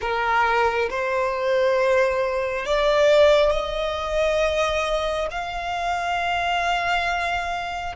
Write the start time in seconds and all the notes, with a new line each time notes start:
0.01 A#4
0.89 C5
2.65 D5
3.51 D#5
5.31 F5